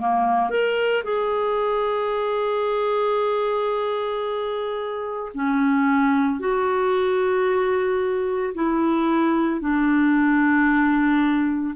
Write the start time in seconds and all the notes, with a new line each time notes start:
0.00 A#3
0.50 A#4
1.04 G#4
5.35 C#4
6.40 F#4
8.55 E4
9.61 D4